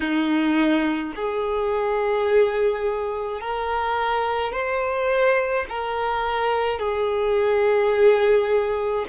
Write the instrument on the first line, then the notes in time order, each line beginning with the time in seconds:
violin
0.00 D#4
1.15 G#4
3.40 A#4
4.52 C5
5.69 A#4
6.79 G#4